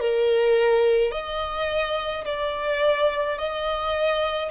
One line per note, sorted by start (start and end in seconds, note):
0.00 1.12 A#4
1.12 2.25 D#5
2.25 3.39 D5
3.39 4.51 D#5